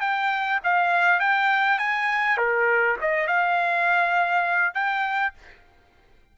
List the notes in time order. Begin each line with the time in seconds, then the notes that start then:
0.00 G5
0.64 F5
1.20 G5
1.78 G#5
2.37 A#4
3.01 D#5
3.27 F5
4.74 G5